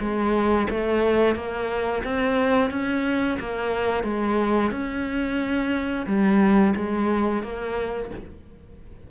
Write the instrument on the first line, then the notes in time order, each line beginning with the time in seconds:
cello
0.00 G#3
0.70 A3
1.35 A#3
2.04 C4
2.70 C#4
3.40 A#3
4.04 G#3
4.71 C#4
6.06 G3
6.76 G#3
7.43 A#3